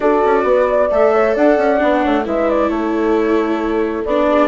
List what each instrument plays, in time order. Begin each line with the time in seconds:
0.00 bassoon D4, viola F#4, horn A4, flute D5
0.24 bassoon C#4
0.43 bassoon B3, horn B4
0.70 horn D5
0.90 bassoon A3, viola A4, flute E5
1.14 horn C#5
1.33 bassoon D4, horn D5, flute F#5
1.57 bassoon C#4
1.78 bassoon B3, viola D4
2.02 bassoon A3, horn C#5
2.24 bassoon G#3, viola E4, horn B4, flute E5
2.49 flute D5
2.69 bassoon A3, horn A4, flute C#5
4.05 bassoon B3, viola D4, flute D5
4.29 horn G#4